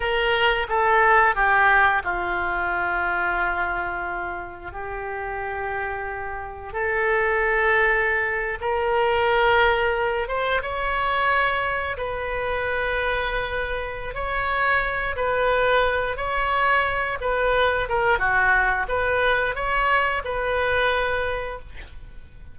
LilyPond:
\new Staff \with { instrumentName = "oboe" } { \time 4/4 \tempo 4 = 89 ais'4 a'4 g'4 f'4~ | f'2. g'4~ | g'2 a'2~ | a'8. ais'2~ ais'8 c''8 cis''16~ |
cis''4.~ cis''16 b'2~ b'16~ | b'4 cis''4. b'4. | cis''4. b'4 ais'8 fis'4 | b'4 cis''4 b'2 | }